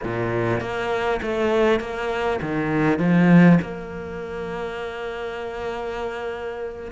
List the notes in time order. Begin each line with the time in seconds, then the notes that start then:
0.03 A#2
0.60 A#3
1.22 A3
1.80 A#3
2.41 D#3
2.98 F3
3.61 A#3